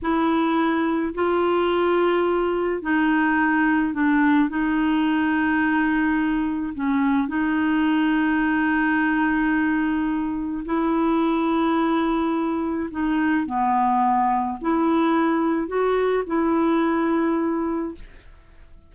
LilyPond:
\new Staff \with { instrumentName = "clarinet" } { \time 4/4 \tempo 4 = 107 e'2 f'2~ | f'4 dis'2 d'4 | dis'1 | cis'4 dis'2.~ |
dis'2. e'4~ | e'2. dis'4 | b2 e'2 | fis'4 e'2. | }